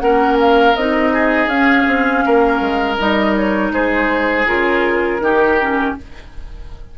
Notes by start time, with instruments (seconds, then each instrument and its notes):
0.00 bassoon A#3, clarinet C#4, oboe A#4, flute F#5
0.40 flute F5
0.75 bassoon C4, clarinet D#4, flute D#5
1.13 oboe G#4
1.47 bassoon C#4, clarinet C#4, flute F5
1.87 bassoon C4
2.26 bassoon A#3, oboe A#4
2.60 bassoon G#3
2.98 bassoon G3, clarinet D#4, flute D#5
3.36 flute C#5
3.71 bassoon G#3, oboe G#4, flute C5
4.46 bassoon C#3, clarinet F4, flute A#4
5.20 bassoon D#3, clarinet D#4, oboe G4
5.60 clarinet C#4